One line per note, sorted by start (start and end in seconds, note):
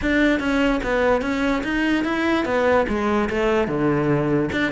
0.01 0.39 D4
0.39 0.80 C#4
0.83 1.21 B3
1.21 1.62 C#4
1.63 2.04 D#4
2.04 2.45 E4
2.45 2.86 B3
2.88 3.29 G#3
3.29 3.67 A3
3.67 4.50 D3
4.52 4.72 D4